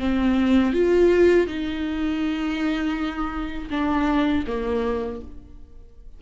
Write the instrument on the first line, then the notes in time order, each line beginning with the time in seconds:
viola
0.00 C4
0.74 F4
1.47 D#4
3.71 D4
4.47 A#3